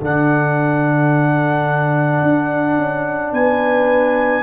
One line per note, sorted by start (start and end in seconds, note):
0.00 2.22 D3
0.00 4.43 D4
0.00 3.32 A4
0.00 3.34 F#5
2.22 2.78 D4
2.78 3.33 C#4
3.32 4.43 B3
3.32 4.43 B4
3.32 4.43 G#5